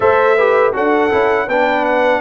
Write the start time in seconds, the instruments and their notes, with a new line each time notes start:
0.00 tuba A3, trombone A4, horn C5, trumpet E5
0.36 trombone G4, horn B4
0.73 tuba D4, trombone F#4, horn A4, trumpet F#5
1.10 tuba C#4, trombone E4
1.46 tuba B3, trombone D4, horn B4, trumpet G5
1.85 trumpet F#5